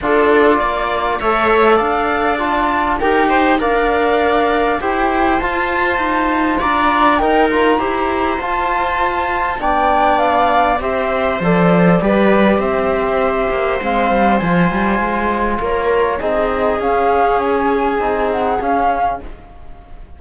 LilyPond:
<<
  \new Staff \with { instrumentName = "flute" } { \time 4/4 \tempo 4 = 100 d''2 e''4 f''4 | a''4 g''4 f''2 | g''4 a''2 ais''4 | g''8 ais''4. a''2 |
g''4 f''4 e''4 d''4~ | d''4 e''2 f''4 | gis''2 cis''4 dis''4 | f''4 gis''4. fis''8 f''4 | }
  \new Staff \with { instrumentName = "viola" } { \time 4/4 a'4 d''4 cis''4 d''4~ | d''4 ais'8 c''8 d''2 | c''2. d''4 | ais'4 c''2. |
d''2 c''2 | b'4 c''2.~ | c''2 ais'4 gis'4~ | gis'1 | }
  \new Staff \with { instrumentName = "trombone" } { \time 4/4 f'2 a'2 | f'4 g'4 ais'2 | g'4 f'2. | dis'8 f'8 g'4 f'2 |
d'2 g'4 a'4 | g'2. c'4 | f'2. dis'4 | cis'2 dis'4 cis'4 | }
  \new Staff \with { instrumentName = "cello" } { \time 4/4 d'4 ais4 a4 d'4~ | d'4 dis'4 d'2 | e'4 f'4 dis'4 d'4 | dis'4 e'4 f'2 |
b2 c'4 f4 | g4 c'4. ais8 gis8 g8 | f8 g8 gis4 ais4 c'4 | cis'2 c'4 cis'4 | }
>>